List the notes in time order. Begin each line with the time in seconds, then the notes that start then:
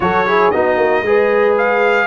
0.00 F#3 F#4 A4 C#5
0.26 E4 G#4
0.50 B3 D#4 F#4 D#5
0.76 A#3
1.02 G#3 G#4 B4
1.57 F5